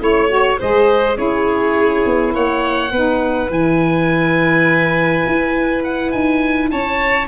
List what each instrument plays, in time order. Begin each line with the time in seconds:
0.00 tuba A3, saxophone E4, oboe C#5, violin C#5
0.29 saxophone F#4
0.60 tuba G#3, saxophone G#4, violin C5, oboe D#5
1.15 tuba C#4, saxophone E4, violin G#4, oboe C#5
2.06 tuba B3
2.34 tuba A#3, violin C#5, oboe F#5
2.92 tuba B3, saxophone D#4, violin B4
3.50 tuba E3, saxophone E4, oboe G#5
5.26 tuba E4
5.84 oboe F#5
6.12 tuba D#4, oboe G#5
6.71 tuba C#4, violin C#5, oboe A5